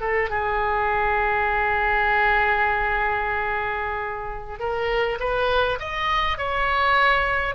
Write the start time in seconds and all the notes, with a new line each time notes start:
0.00 A4
0.29 G#4
4.59 A#4
5.19 B4
5.79 D#5
6.38 C#5